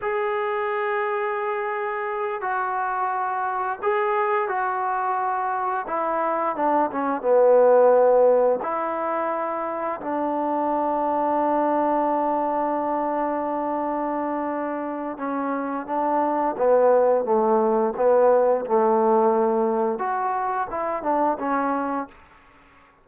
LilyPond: \new Staff \with { instrumentName = "trombone" } { \time 4/4 \tempo 4 = 87 gis'2.~ gis'8 fis'8~ | fis'4. gis'4 fis'4.~ | fis'8 e'4 d'8 cis'8 b4.~ | b8 e'2 d'4.~ |
d'1~ | d'2 cis'4 d'4 | b4 a4 b4 a4~ | a4 fis'4 e'8 d'8 cis'4 | }